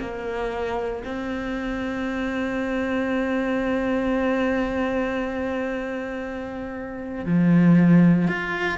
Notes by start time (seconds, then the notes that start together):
0.00 A#3
1.05 C4
7.26 F3
8.28 F4